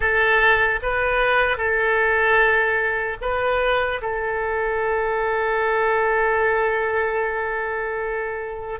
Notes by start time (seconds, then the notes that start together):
0.00 A4
0.82 B4
1.57 A4
3.21 B4
4.01 A4